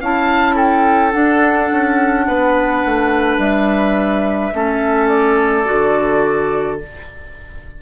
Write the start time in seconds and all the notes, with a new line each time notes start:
0.00 C#4 E4 F5 A5
0.55 A4 G5
1.12 D4 F#5
1.71 C#4
2.27 B3 B4
2.85 A3
3.38 G3 E5
4.53 A3 C#4 A4
5.08 D5
5.65 D3 F#4